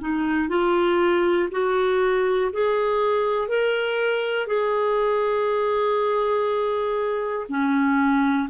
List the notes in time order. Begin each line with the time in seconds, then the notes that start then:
0.00 D#4
0.49 F4
1.51 F#4
2.52 G#4
3.48 A#4
4.47 G#4
7.49 C#4